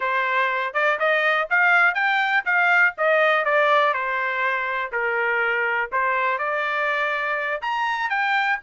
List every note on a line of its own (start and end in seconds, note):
0.00 0.73 C5
0.73 0.98 D5
0.99 1.48 D#5
1.50 1.94 F5
1.94 2.43 G5
2.45 2.94 F5
2.97 3.44 D#5
3.44 3.93 D5
3.93 4.91 C5
4.92 5.90 A#4
5.92 6.38 C5
6.38 7.61 D5
7.61 8.09 A#5
8.09 8.58 G5